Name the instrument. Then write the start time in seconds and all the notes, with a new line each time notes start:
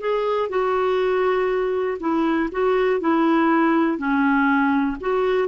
clarinet
0.00 G#4
0.49 F#4
2.00 E4
2.52 F#4
3.00 E4
3.98 C#4
5.00 F#4